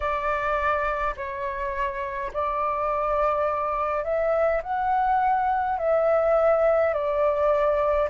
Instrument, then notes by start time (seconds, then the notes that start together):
flute
0.00 D5
1.16 C#5
2.33 D5
4.04 E5
4.63 F#5
5.78 E5
6.93 D5